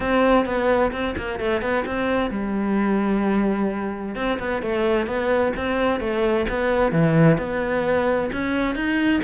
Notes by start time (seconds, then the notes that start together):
0.00 C4
0.45 B3
0.91 C4
1.17 A#3
1.39 A3
1.61 B3
1.86 C4
2.30 G3
4.15 C4
4.39 B3
4.62 A3
5.06 B3
5.56 C4
5.99 A3
6.49 B3
6.92 E3
7.38 B3
8.32 C#4
8.75 D#4